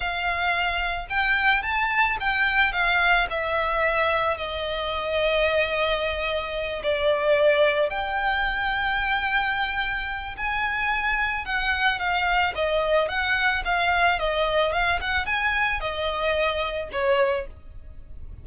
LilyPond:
\new Staff \with { instrumentName = "violin" } { \time 4/4 \tempo 4 = 110 f''2 g''4 a''4 | g''4 f''4 e''2 | dis''1~ | dis''8 d''2 g''4.~ |
g''2. gis''4~ | gis''4 fis''4 f''4 dis''4 | fis''4 f''4 dis''4 f''8 fis''8 | gis''4 dis''2 cis''4 | }